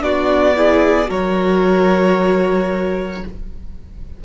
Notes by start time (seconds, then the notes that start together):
0.00 B3 D4 F#4 D5
0.56 E4 G#4
1.06 F#3 F#4 A#4 C#5